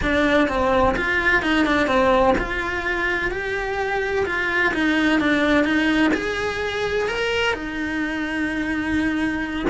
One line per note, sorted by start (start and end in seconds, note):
0.02 0.48 D4
0.48 0.95 C4
0.96 1.42 F4
1.42 1.65 D#4
1.65 1.87 D4
1.87 2.34 C4
2.38 3.31 F4
3.31 4.25 G4
4.25 4.73 F4
4.74 5.20 D#4
5.20 5.64 D4
5.64 6.11 D#4
6.14 7.08 G#4
7.08 7.53 A#4
7.53 9.66 D#4